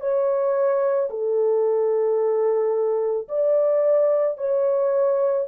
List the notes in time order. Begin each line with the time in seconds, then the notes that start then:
0.00 C#5
1.10 A4
3.28 D5
4.37 C#5